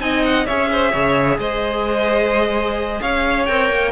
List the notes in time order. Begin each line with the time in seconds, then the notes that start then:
0.00 C4 D#4 D#5 G#5
0.24 F#5
0.46 C#4 G#4 C#5 E5
0.72 C5
0.91 C#3 C#5
1.38 G#3 C5 D#5
3.01 C#4 C#5 F5
3.46 C4 A#4 G5
3.70 A#3